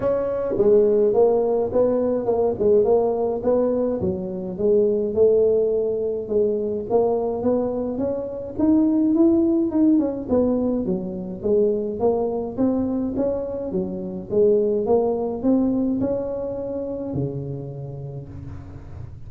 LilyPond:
\new Staff \with { instrumentName = "tuba" } { \time 4/4 \tempo 4 = 105 cis'4 gis4 ais4 b4 | ais8 gis8 ais4 b4 fis4 | gis4 a2 gis4 | ais4 b4 cis'4 dis'4 |
e'4 dis'8 cis'8 b4 fis4 | gis4 ais4 c'4 cis'4 | fis4 gis4 ais4 c'4 | cis'2 cis2 | }